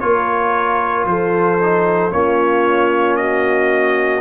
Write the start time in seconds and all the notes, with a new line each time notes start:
0.00 A#3 F4 A#4 C#5
1.05 F3 A4 C5
1.62 D#4
2.11 A#3 C#4 F4 C#5
3.16 F#4 D#5